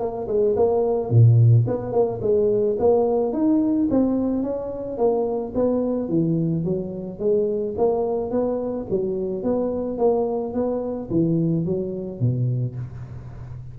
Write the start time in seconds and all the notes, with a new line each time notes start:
0.00 A#3
0.28 G#3
0.56 A#3
1.10 A#2
1.67 B3
1.93 A#3
2.22 G#3
2.79 A#3
3.33 D#4
3.91 C4
4.43 C#4
4.98 A#3
5.55 B3
6.09 E3
6.65 F#3
7.19 G#3
7.78 A#3
8.31 B3
8.90 F#3
9.44 B3
9.98 A#3
10.54 B3
11.11 E3
11.65 F#3
12.20 B2